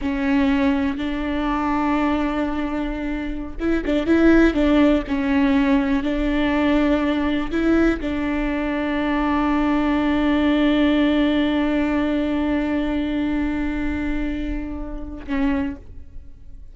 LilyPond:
\new Staff \with { instrumentName = "viola" } { \time 4/4 \tempo 4 = 122 cis'2 d'2~ | d'2.~ d'16 e'8 d'16~ | d'16 e'4 d'4 cis'4.~ cis'16~ | cis'16 d'2. e'8.~ |
e'16 d'2.~ d'8.~ | d'1~ | d'1~ | d'2. cis'4 | }